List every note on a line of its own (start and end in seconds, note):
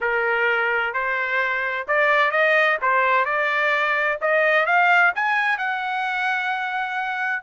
0.00 0.93 A#4
0.93 1.86 C5
1.87 2.31 D5
2.31 2.77 D#5
2.81 3.25 C5
3.25 4.18 D5
4.21 4.66 D#5
4.66 5.12 F5
5.15 5.58 G#5
5.58 7.43 F#5